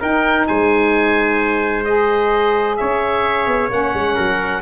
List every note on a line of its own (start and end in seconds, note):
0.00 0.47 D#4
0.00 1.85 D#4
0.00 0.46 A#4
0.00 0.47 G5
0.47 2.79 G#3
0.47 2.79 C5
0.47 1.84 G#5
1.84 3.69 G#4
1.84 2.76 D#5
2.76 3.47 C#4
2.76 4.14 C#5
2.76 3.69 E5
3.47 3.70 B3
3.69 3.93 A#3
3.69 4.61 C#4
3.69 4.61 F#5
3.93 4.16 G#3
4.14 4.61 F#3
4.14 4.60 A#4